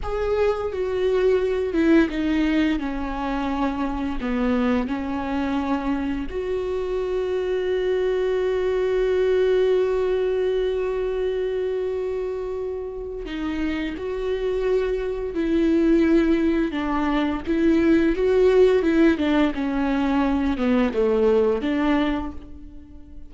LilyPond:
\new Staff \with { instrumentName = "viola" } { \time 4/4 \tempo 4 = 86 gis'4 fis'4. e'8 dis'4 | cis'2 b4 cis'4~ | cis'4 fis'2.~ | fis'1~ |
fis'2. dis'4 | fis'2 e'2 | d'4 e'4 fis'4 e'8 d'8 | cis'4. b8 a4 d'4 | }